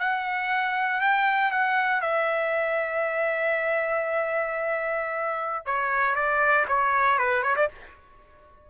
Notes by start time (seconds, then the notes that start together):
0.00 F#5
1.01 G5
1.51 F#5
2.01 E5
5.66 C#5
6.15 D5
6.68 C#5
7.19 B4
7.43 C#5
7.56 D5